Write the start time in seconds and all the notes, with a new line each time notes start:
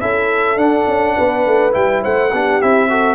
0.00 C#4 E4 A4 E5
0.56 D4 F#5
0.87 C#4
1.16 B3 B4
1.46 A3
1.71 G3 E4 G5
2.02 A3 C5 F#5
2.32 B3 D4 G4
2.61 C4 E4 E5
2.89 F#4 A4